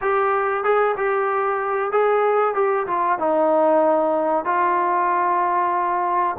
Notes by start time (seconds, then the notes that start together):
0.01 G4
0.64 G#4
0.96 G4
1.91 G#4
2.54 G4
2.87 F4
3.19 D#4
4.44 F4